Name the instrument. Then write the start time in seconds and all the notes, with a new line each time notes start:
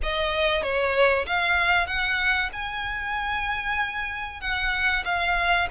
violin
0.03 D#5
0.63 C#5
1.26 F5
1.86 F#5
2.52 G#5
4.40 F#5
5.04 F5